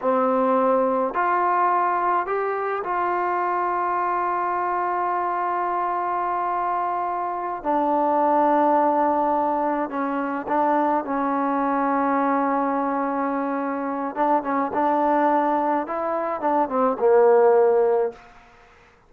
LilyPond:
\new Staff \with { instrumentName = "trombone" } { \time 4/4 \tempo 4 = 106 c'2 f'2 | g'4 f'2.~ | f'1~ | f'4. d'2~ d'8~ |
d'4. cis'4 d'4 cis'8~ | cis'1~ | cis'4 d'8 cis'8 d'2 | e'4 d'8 c'8 ais2 | }